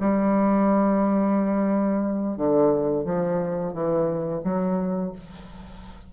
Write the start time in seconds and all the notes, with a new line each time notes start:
0.00 G3
2.37 D3
3.05 F3
3.73 E3
4.44 F#3